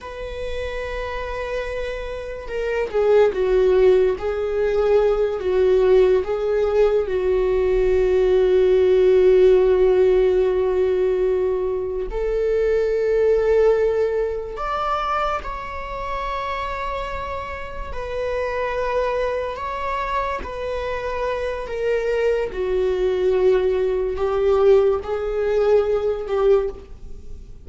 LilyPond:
\new Staff \with { instrumentName = "viola" } { \time 4/4 \tempo 4 = 72 b'2. ais'8 gis'8 | fis'4 gis'4. fis'4 gis'8~ | gis'8 fis'2.~ fis'8~ | fis'2~ fis'8 a'4.~ |
a'4. d''4 cis''4.~ | cis''4. b'2 cis''8~ | cis''8 b'4. ais'4 fis'4~ | fis'4 g'4 gis'4. g'8 | }